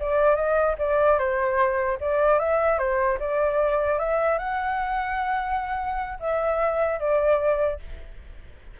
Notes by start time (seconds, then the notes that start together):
0.00 D5
0.36 D#5
0.79 D5
1.19 C5
2.01 D5
2.40 E5
2.79 C5
3.20 D5
3.99 E5
4.39 F#5
6.20 E5
7.00 D5